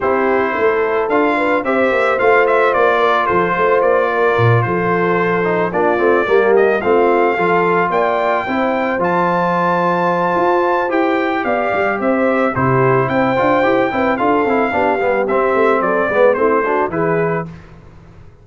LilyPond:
<<
  \new Staff \with { instrumentName = "trumpet" } { \time 4/4 \tempo 4 = 110 c''2 f''4 e''4 | f''8 e''8 d''4 c''4 d''4~ | d''8 c''2 d''4. | dis''8 f''2 g''4.~ |
g''8 a''2.~ a''8 | g''4 f''4 e''4 c''4 | g''2 f''2 | e''4 d''4 c''4 b'4 | }
  \new Staff \with { instrumentName = "horn" } { \time 4/4 g'4 a'4. b'8 c''4~ | c''4. ais'8 a'8 c''4 ais'8~ | ais'8 a'2 f'4 g'8~ | g'8 f'4 a'4 d''4 c''8~ |
c''1~ | c''4 d''4 c''4 g'4 | c''4. b'8 a'4 g'4~ | g'4 a'8 b'8 e'8 fis'8 gis'4 | }
  \new Staff \with { instrumentName = "trombone" } { \time 4/4 e'2 f'4 g'4 | f'1~ | f'2 dis'8 d'8 c'8 ais8~ | ais8 c'4 f'2 e'8~ |
e'8 f'2.~ f'8 | g'2. e'4~ | e'8 f'8 g'8 e'8 f'8 e'8 d'8 b8 | c'4. b8 c'8 d'8 e'4 | }
  \new Staff \with { instrumentName = "tuba" } { \time 4/4 c'4 a4 d'4 c'8 ais8 | a4 ais4 f8 a8 ais4 | ais,8 f2 ais8 a8 g8~ | g8 a4 f4 ais4 c'8~ |
c'8 f2~ f8 f'4 | e'4 b8 g8 c'4 c4 | c'8 d'8 e'8 c'8 d'8 c'8 b8 g8 | c'8 a8 fis8 gis8 a4 e4 | }
>>